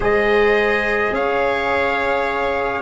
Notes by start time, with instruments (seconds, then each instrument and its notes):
0.00 tuba G#3, trombone G#4, viola C5, trumpet D#5
1.11 tuba C#4, viola C#5, trumpet F5